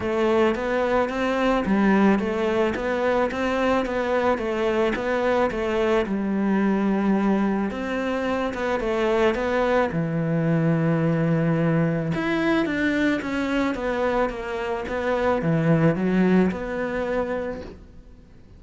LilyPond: \new Staff \with { instrumentName = "cello" } { \time 4/4 \tempo 4 = 109 a4 b4 c'4 g4 | a4 b4 c'4 b4 | a4 b4 a4 g4~ | g2 c'4. b8 |
a4 b4 e2~ | e2 e'4 d'4 | cis'4 b4 ais4 b4 | e4 fis4 b2 | }